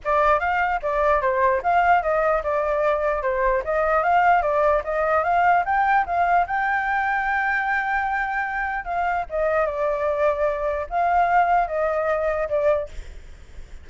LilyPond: \new Staff \with { instrumentName = "flute" } { \time 4/4 \tempo 4 = 149 d''4 f''4 d''4 c''4 | f''4 dis''4 d''2 | c''4 dis''4 f''4 d''4 | dis''4 f''4 g''4 f''4 |
g''1~ | g''2 f''4 dis''4 | d''2. f''4~ | f''4 dis''2 d''4 | }